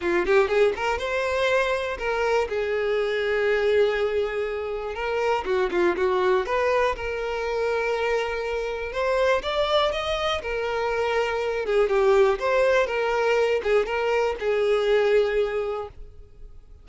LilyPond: \new Staff \with { instrumentName = "violin" } { \time 4/4 \tempo 4 = 121 f'8 g'8 gis'8 ais'8 c''2 | ais'4 gis'2.~ | gis'2 ais'4 fis'8 f'8 | fis'4 b'4 ais'2~ |
ais'2 c''4 d''4 | dis''4 ais'2~ ais'8 gis'8 | g'4 c''4 ais'4. gis'8 | ais'4 gis'2. | }